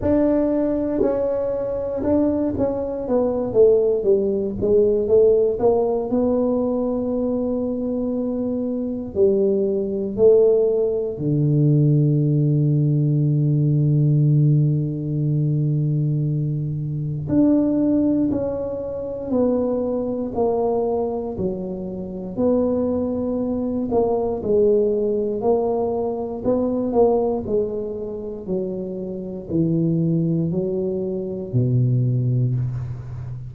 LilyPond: \new Staff \with { instrumentName = "tuba" } { \time 4/4 \tempo 4 = 59 d'4 cis'4 d'8 cis'8 b8 a8 | g8 gis8 a8 ais8 b2~ | b4 g4 a4 d4~ | d1~ |
d4 d'4 cis'4 b4 | ais4 fis4 b4. ais8 | gis4 ais4 b8 ais8 gis4 | fis4 e4 fis4 b,4 | }